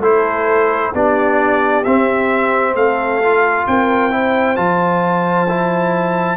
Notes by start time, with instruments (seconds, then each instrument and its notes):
0.00 tuba A3, trombone E4, horn A4, trumpet C5
0.93 tuba B3, trombone D4, horn G4, trumpet D5
1.84 tuba C4, trombone C4, trumpet E5
2.75 tuba A3, horn A4, trumpet F5
3.24 trombone F4
3.67 tuba C4, horn A#4, trumpet G5
4.11 trombone E4, horn C5
4.56 tuba F3, trombone F4, trumpet A5
5.49 trombone E4